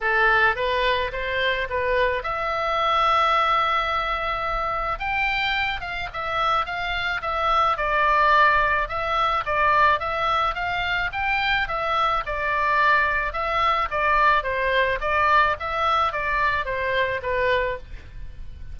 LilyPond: \new Staff \with { instrumentName = "oboe" } { \time 4/4 \tempo 4 = 108 a'4 b'4 c''4 b'4 | e''1~ | e''4 g''4. f''8 e''4 | f''4 e''4 d''2 |
e''4 d''4 e''4 f''4 | g''4 e''4 d''2 | e''4 d''4 c''4 d''4 | e''4 d''4 c''4 b'4 | }